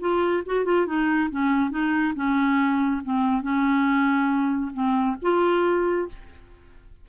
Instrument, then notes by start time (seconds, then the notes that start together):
clarinet
0.00 F4
0.46 F#4
0.65 F4
0.87 D#4
1.30 C#4
1.71 D#4
2.15 C#4
3.04 C4
3.42 C#4
4.73 C4
5.22 F4